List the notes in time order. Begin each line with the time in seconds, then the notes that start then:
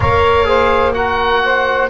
0.00 A#3 A#4 C#5 F5
0.44 G#4 C5
0.94 F#4 A#4 F#5
1.43 C5